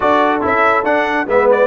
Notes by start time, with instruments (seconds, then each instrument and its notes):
0.00 tuba D4, trombone F#4, horn A4, trumpet D5
0.41 tuba C#4, trombone E4, trumpet E5
0.83 tuba D4, trombone D4, trumpet F#5
1.26 tuba G#3, trombone B3, horn B4, trumpet E5
1.51 trumpet D5